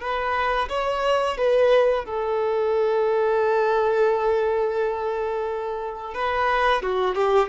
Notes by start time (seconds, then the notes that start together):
0.00 B4
0.68 C#5
1.37 B4
2.05 A4
6.14 B4
6.82 F#4
7.15 G4